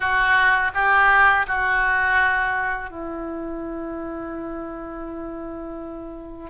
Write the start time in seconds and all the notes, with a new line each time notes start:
0.00 F#4
0.74 G4
1.47 F#4
2.90 E4